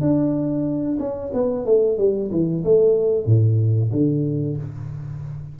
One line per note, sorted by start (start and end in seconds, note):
0.00 0.98 D4
0.99 1.32 C#4
1.33 1.65 B3
1.65 1.97 A3
1.97 2.30 G3
2.31 2.63 E3
2.64 3.25 A3
3.25 3.91 A2
3.91 4.57 D3